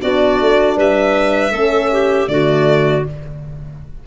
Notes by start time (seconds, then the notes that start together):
0.00 B3 D4 F#4 D5
0.41 A3
0.77 G3 B4 E5
1.52 A3 C#4 A4
1.92 G4
2.28 D3 A3 F#4 D5